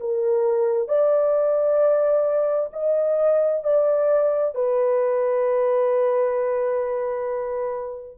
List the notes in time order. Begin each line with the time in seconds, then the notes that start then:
0.00 A#4
0.88 D5
2.72 D#5
3.64 D5
4.55 B4